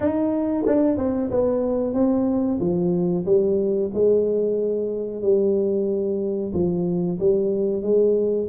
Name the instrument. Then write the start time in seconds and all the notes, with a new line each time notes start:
tuba
0.00 D#4
0.66 D4
0.97 C4
1.30 B3
1.93 C4
2.59 F3
3.25 G3
3.93 G#3
5.21 G3
6.53 F3
7.19 G3
7.82 G#3